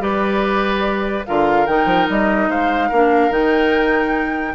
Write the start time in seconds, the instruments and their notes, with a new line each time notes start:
0.00 bassoon G3, clarinet G4, oboe B4, flute D5
1.26 bassoon D3, clarinet F4, oboe A#4, flute F5
1.67 bassoon D#3, clarinet D#4, flute G5
1.86 bassoon F3
2.10 bassoon G3, flute D#5
2.50 bassoon G#3, oboe C5, flute F5
2.89 bassoon A#3, clarinet D4, oboe A#4
3.30 bassoon D#3, clarinet D#4, flute G5